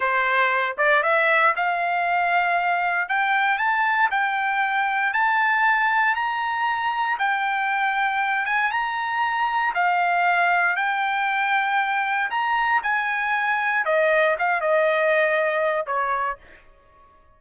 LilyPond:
\new Staff \with { instrumentName = "trumpet" } { \time 4/4 \tempo 4 = 117 c''4. d''8 e''4 f''4~ | f''2 g''4 a''4 | g''2 a''2 | ais''2 g''2~ |
g''8 gis''8 ais''2 f''4~ | f''4 g''2. | ais''4 gis''2 dis''4 | f''8 dis''2~ dis''8 cis''4 | }